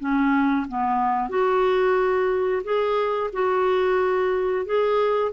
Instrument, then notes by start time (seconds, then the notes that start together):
clarinet
0.00 C#4
0.68 B3
1.30 F#4
2.64 G#4
3.33 F#4
4.66 G#4